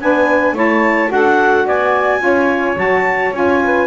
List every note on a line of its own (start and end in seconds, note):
0.00 0.53 B3
0.00 0.55 D4
0.00 0.54 B4
0.00 0.56 G#5
0.53 1.08 A3
0.53 1.08 E4
0.53 1.10 C#5
0.53 1.11 A5
1.08 1.66 D4
1.08 2.19 F#4
1.08 1.65 A4
1.08 1.67 F#5
1.65 2.20 B3
1.65 2.21 D5
1.65 2.78 G#5
2.19 2.75 C#4
2.19 2.75 F4
2.19 3.62 C#5
2.76 3.32 F#3
2.76 3.31 F#4
2.76 3.33 A5
3.32 3.86 C#4
3.32 3.86 F4
3.32 3.86 G#5
3.63 3.86 B4